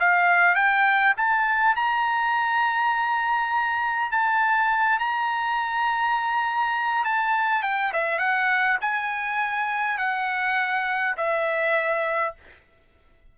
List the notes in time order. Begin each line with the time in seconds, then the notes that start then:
0.00 F5
0.55 G5
1.17 A5
1.76 A#5
4.11 A5
4.99 A#5
7.05 A5
7.63 G5
7.93 E5
8.19 F#5
8.81 G#5
9.98 F#5
11.17 E5